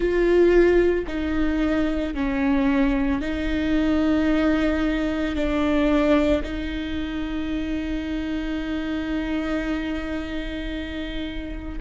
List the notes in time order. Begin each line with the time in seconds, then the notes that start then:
0.00 F4
1.07 D#4
2.14 C#4
3.21 D#4
5.35 D4
6.43 D#4